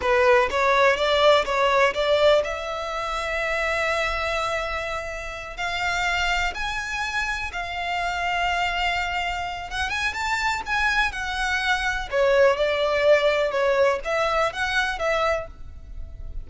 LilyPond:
\new Staff \with { instrumentName = "violin" } { \time 4/4 \tempo 4 = 124 b'4 cis''4 d''4 cis''4 | d''4 e''2.~ | e''2.~ e''8 f''8~ | f''4. gis''2 f''8~ |
f''1 | fis''8 gis''8 a''4 gis''4 fis''4~ | fis''4 cis''4 d''2 | cis''4 e''4 fis''4 e''4 | }